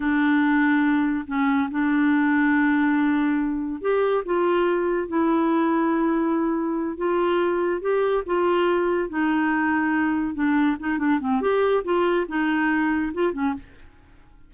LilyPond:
\new Staff \with { instrumentName = "clarinet" } { \time 4/4 \tempo 4 = 142 d'2. cis'4 | d'1~ | d'4 g'4 f'2 | e'1~ |
e'8 f'2 g'4 f'8~ | f'4. dis'2~ dis'8~ | dis'8 d'4 dis'8 d'8 c'8 g'4 | f'4 dis'2 f'8 cis'8 | }